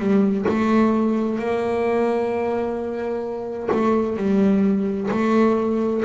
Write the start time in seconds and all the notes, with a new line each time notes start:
0.00 G3
0.49 A3
1.39 A#3
3.72 A3
4.17 G3
5.11 A3